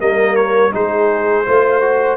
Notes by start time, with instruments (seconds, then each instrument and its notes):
0.00 tuba G3, trombone A#3, horn A#4, trumpet D#5
0.36 trumpet C#5
0.72 tuba G#3, trombone D#4, horn G#4, trumpet C5
1.46 tuba A3, trombone F4, horn C5
1.82 trombone F#4